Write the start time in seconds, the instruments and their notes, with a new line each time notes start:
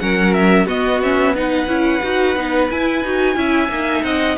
0.00 cello F#3, viola C#4, violin A#4 F#5
0.33 violin E5
0.66 cello B3, viola B3, violin F#4 D#5
1.02 viola C#4, violin E5
1.34 viola D#4, violin B4 F#5
1.67 cello C#4, viola E4
2.03 cello D#4, viola F#4
2.36 cello B3, viola D#4
2.70 viola E4, cello E4, violin G#5
3.04 cello D#4, viola F#4
3.36 cello C#4, viola E4, violin E5
3.69 cello A#3, viola D#4
4.03 cello C4, violin D#5 F#5